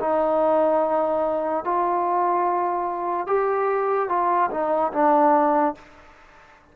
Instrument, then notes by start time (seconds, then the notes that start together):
trombone
0.00 D#4
1.64 F4
3.27 G4
4.09 F4
4.51 D#4
4.93 D4